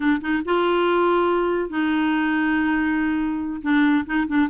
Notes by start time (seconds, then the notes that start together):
0.00 D4
0.21 D#4
0.45 F4
1.69 D#4
3.62 D4
4.05 D#4
4.27 D4